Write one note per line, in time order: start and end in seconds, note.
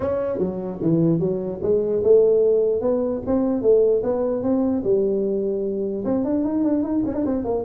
0.00 0.38 C#4
0.38 0.78 F#3
0.81 1.19 E3
1.19 1.60 F#3
1.62 2.02 G#3
2.03 2.81 A3
2.81 3.21 B3
3.26 3.62 C4
3.62 4.02 A3
4.03 4.43 B3
4.43 4.83 C4
4.83 6.04 G3
6.04 6.24 C4
6.24 6.44 D4
6.44 6.64 D#4
6.64 6.83 D4
6.83 7.03 D#4
7.05 7.14 C#4
7.14 7.24 D4
7.25 7.44 C4
7.44 7.64 A#3